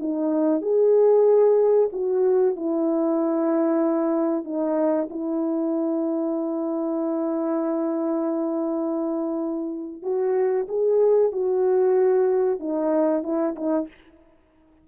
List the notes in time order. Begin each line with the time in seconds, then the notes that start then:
0.00 D#4
0.62 G#4
1.93 F#4
2.56 E4
4.45 D#4
5.11 E4
10.03 F#4
10.69 G#4
11.33 F#4
12.60 D#4
13.24 E4
13.56 D#4